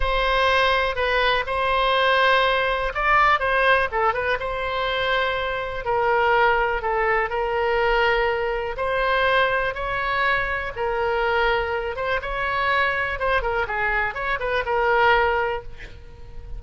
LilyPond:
\new Staff \with { instrumentName = "oboe" } { \time 4/4 \tempo 4 = 123 c''2 b'4 c''4~ | c''2 d''4 c''4 | a'8 b'8 c''2. | ais'2 a'4 ais'4~ |
ais'2 c''2 | cis''2 ais'2~ | ais'8 c''8 cis''2 c''8 ais'8 | gis'4 cis''8 b'8 ais'2 | }